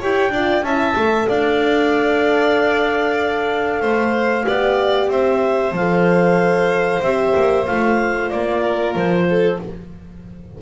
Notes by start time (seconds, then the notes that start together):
0.00 E4 G4 C#5 G5
0.30 D4 F4 D5
0.63 C#4 E4 E5 A5
0.96 A3 A4
1.28 D4 D5 F5
3.82 A3 C5
4.47 B3 G4 D5
5.09 C4 C5 E5
5.73 F3 A4 F5
7.02 C4 G4 E5
7.36 A#3
7.66 A3 F4 F5
8.30 A#3 D5
8.61 A#4
8.96 F3 C5
9.30 A4